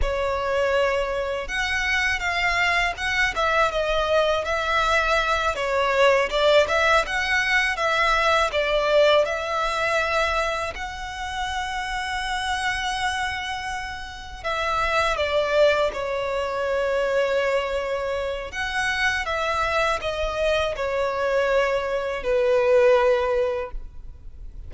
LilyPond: \new Staff \with { instrumentName = "violin" } { \time 4/4 \tempo 4 = 81 cis''2 fis''4 f''4 | fis''8 e''8 dis''4 e''4. cis''8~ | cis''8 d''8 e''8 fis''4 e''4 d''8~ | d''8 e''2 fis''4.~ |
fis''2.~ fis''8 e''8~ | e''8 d''4 cis''2~ cis''8~ | cis''4 fis''4 e''4 dis''4 | cis''2 b'2 | }